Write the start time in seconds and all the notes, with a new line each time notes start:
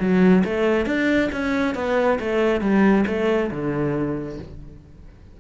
0.00 F#3
0.45 A3
0.86 D4
1.32 C#4
1.75 B3
2.20 A3
2.61 G3
3.07 A3
3.51 D3